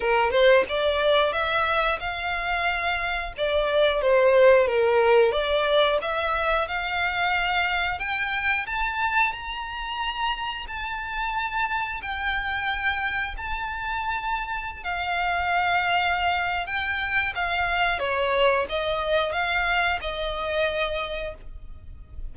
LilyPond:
\new Staff \with { instrumentName = "violin" } { \time 4/4 \tempo 4 = 90 ais'8 c''8 d''4 e''4 f''4~ | f''4 d''4 c''4 ais'4 | d''4 e''4 f''2 | g''4 a''4 ais''2 |
a''2 g''2 | a''2~ a''16 f''4.~ f''16~ | f''4 g''4 f''4 cis''4 | dis''4 f''4 dis''2 | }